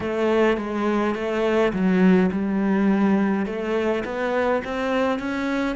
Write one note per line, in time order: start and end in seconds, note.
0.00 0.57 A3
0.57 1.14 G#3
1.14 1.72 A3
1.73 2.30 F#3
2.31 3.46 G3
3.46 4.03 A3
4.04 4.62 B3
4.64 5.19 C4
5.19 5.76 C#4